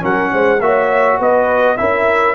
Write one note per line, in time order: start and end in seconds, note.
0.00 0.33 F#3
0.00 0.58 C#4
0.00 0.31 A#4
0.00 0.60 F#5
0.33 0.60 G#3
0.33 0.62 C5
0.60 1.18 A#3
0.60 1.77 F#4
0.60 1.19 C#5
0.60 1.19 E5
1.19 1.78 B3
1.19 1.77 B4
1.19 1.77 D#5
1.77 2.35 C#4
1.77 2.35 E4
1.77 2.35 A#4
1.77 2.35 E5